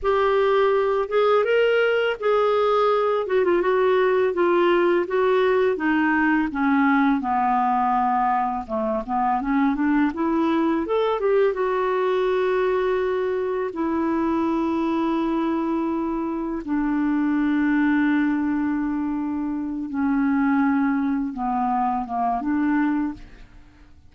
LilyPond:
\new Staff \with { instrumentName = "clarinet" } { \time 4/4 \tempo 4 = 83 g'4. gis'8 ais'4 gis'4~ | gis'8 fis'16 f'16 fis'4 f'4 fis'4 | dis'4 cis'4 b2 | a8 b8 cis'8 d'8 e'4 a'8 g'8 |
fis'2. e'4~ | e'2. d'4~ | d'2.~ d'8 cis'8~ | cis'4. b4 ais8 d'4 | }